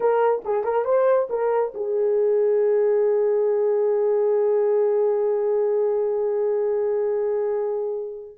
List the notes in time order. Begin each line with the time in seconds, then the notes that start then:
0.00 A#4
0.44 G#4
0.64 A#4
0.85 C5
1.29 A#4
1.74 G#4